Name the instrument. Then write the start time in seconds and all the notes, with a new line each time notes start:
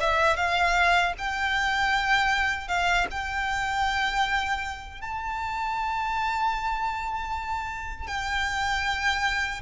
violin
0.00 E5
0.36 F5
1.18 G5
2.68 F5
3.10 G5
5.01 A5
8.07 G5